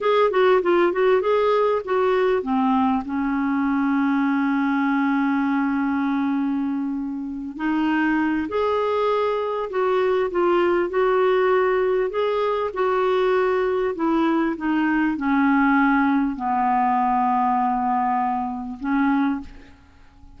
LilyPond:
\new Staff \with { instrumentName = "clarinet" } { \time 4/4 \tempo 4 = 99 gis'8 fis'8 f'8 fis'8 gis'4 fis'4 | c'4 cis'2.~ | cis'1~ | cis'8 dis'4. gis'2 |
fis'4 f'4 fis'2 | gis'4 fis'2 e'4 | dis'4 cis'2 b4~ | b2. cis'4 | }